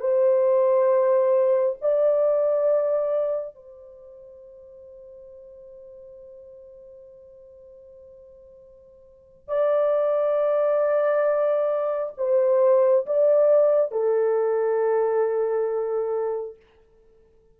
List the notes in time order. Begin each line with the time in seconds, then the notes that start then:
0.00 C5
1.81 D5
3.55 C5
9.48 D5
12.18 C5
13.06 D5
13.91 A4